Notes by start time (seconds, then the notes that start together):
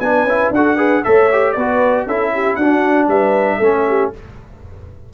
0.00 B3 D4 B4 G#5
0.24 C#4 E4
0.51 D4 F#4 A4 F#5
0.77 G#4 B4
1.04 A3 A4 C#5 E5
1.32 G4
1.53 B3 B4 D5
1.59 F#4
2.06 C#4 E4 A4 E5
2.34 G4
2.56 D4 F#4 F#5
3.08 G3 B4 E5
3.57 A3 C#4 A4
3.88 G4